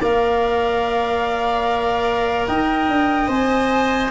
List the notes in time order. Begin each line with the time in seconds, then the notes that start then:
0.00 A#3 A#4 D5 F5
2.46 D#4 D#5 G5
2.88 D4
3.28 C4 C5 G#5